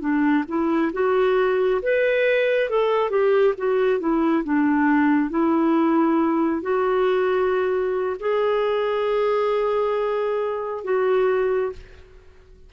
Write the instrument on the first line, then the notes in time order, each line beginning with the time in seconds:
clarinet
0.00 D4
0.48 E4
0.93 F#4
1.82 B4
2.70 A4
3.10 G4
3.57 F#4
3.99 E4
4.44 D4
5.30 E4
6.62 F#4
8.20 G#4
10.84 F#4